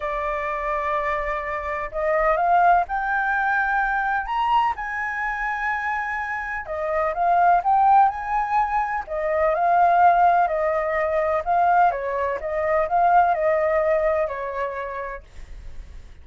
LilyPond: \new Staff \with { instrumentName = "flute" } { \time 4/4 \tempo 4 = 126 d''1 | dis''4 f''4 g''2~ | g''4 ais''4 gis''2~ | gis''2 dis''4 f''4 |
g''4 gis''2 dis''4 | f''2 dis''2 | f''4 cis''4 dis''4 f''4 | dis''2 cis''2 | }